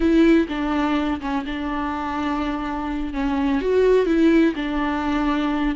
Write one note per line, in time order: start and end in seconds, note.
0.00 0.47 E4
0.48 1.20 D4
1.20 1.44 C#4
1.45 3.13 D4
3.13 3.61 C#4
3.61 4.05 F#4
4.05 4.53 E4
4.55 5.75 D4